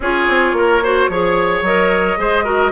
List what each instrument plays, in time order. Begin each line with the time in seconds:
0.00 bassoon C#4, clarinet F4, oboe G#4, flute C#5
0.28 bassoon C4
0.52 bassoon A#3, oboe A#4
0.83 clarinet F#4, oboe C5
1.08 bassoon F3, clarinet G#4, oboe C#5
1.61 bassoon F#3, clarinet A#4, flute D#5
2.17 bassoon G#3, clarinet G#4, oboe C5
2.44 clarinet F#4, oboe A#4